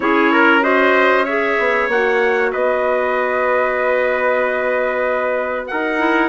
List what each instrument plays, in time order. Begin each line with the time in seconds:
0.00 bassoon C#4, clarinet E4, trumpet G#4 C#5
0.32 trumpet A#4
0.61 clarinet F#4, trumpet C5 D#5
1.24 clarinet G#4, trumpet C#5 E5
1.58 bassoon B3
1.88 bassoon A#3, clarinet F#4, trumpet F#5
2.52 bassoon B3, trumpet B4 D#5
5.67 bassoon D#4, trumpet A#4 F#5
5.98 clarinet E4